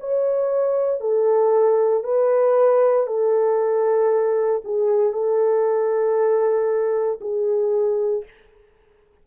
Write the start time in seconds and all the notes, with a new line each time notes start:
0.00 C#5
1.01 A4
2.04 B4
3.07 A4
4.65 G#4
5.13 A4
7.21 G#4